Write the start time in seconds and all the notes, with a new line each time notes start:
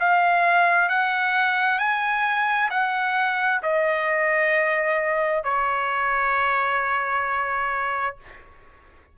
0.00 F5
0.89 F#5
1.79 G#5
2.71 F#5
3.63 D#5
5.44 C#5